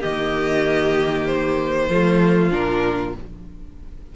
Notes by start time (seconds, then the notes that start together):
0.00 D#3 A#3 G4 D#5
1.26 C5
1.89 F3 A3 F4
2.51 A#2 D4 A#4